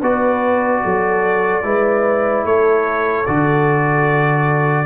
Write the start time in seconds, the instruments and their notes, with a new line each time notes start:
0.00 tuba B3, trombone F#4, horn B4, trumpet D5
0.84 tuba F#3, horn A4
1.63 tuba G#3, trombone E4, horn B4
2.44 tuba A3, horn A4, trumpet C#5
3.26 tuba D3, trombone F#4, trumpet D5